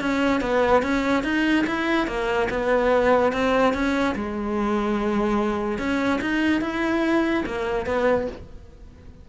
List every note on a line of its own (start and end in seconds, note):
0.00 0.41 C#4
0.41 0.82 B3
0.82 1.24 C#4
1.24 1.65 D#4
1.67 2.07 E4
2.07 2.48 A#3
2.50 3.32 B3
3.32 3.73 C4
3.73 4.15 C#4
4.15 5.78 G#3
5.78 6.20 C#4
6.21 6.61 D#4
6.61 7.44 E4
7.46 7.86 A#3
7.86 8.27 B3